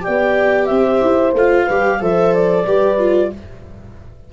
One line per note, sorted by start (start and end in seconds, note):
0.00 1.32 G4
0.00 0.69 D5
0.00 0.66 G5
0.08 0.70 B3
0.66 1.01 C4
0.66 1.65 C5
0.66 1.32 E5
1.01 1.33 E4
1.33 1.66 A3
1.33 1.70 F4
1.33 2.03 F5
1.65 2.00 G3
1.65 1.99 G4
1.65 1.98 B4
1.99 2.66 F3
1.99 2.65 A4
1.99 2.66 C5
1.99 2.34 E5
2.34 3.33 D5
2.66 3.32 G3
2.66 2.98 G4
2.66 3.32 B4
2.98 3.31 F4